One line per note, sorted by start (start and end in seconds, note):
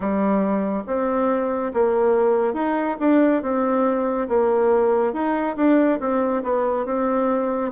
0.00 0.83 G3
0.86 1.72 C4
1.73 2.53 A#3
2.53 2.96 D#4
2.99 3.42 D4
3.42 4.28 C4
4.28 5.13 A#3
5.13 5.56 D#4
5.56 5.99 D4
6.00 6.42 C4
6.43 6.85 B3
6.85 7.71 C4